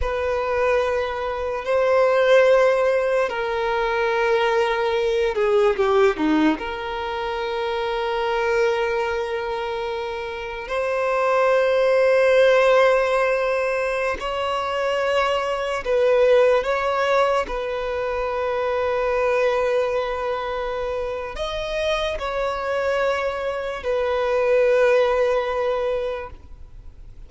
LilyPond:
\new Staff \with { instrumentName = "violin" } { \time 4/4 \tempo 4 = 73 b'2 c''2 | ais'2~ ais'8 gis'8 g'8 dis'8 | ais'1~ | ais'4 c''2.~ |
c''4~ c''16 cis''2 b'8.~ | b'16 cis''4 b'2~ b'8.~ | b'2 dis''4 cis''4~ | cis''4 b'2. | }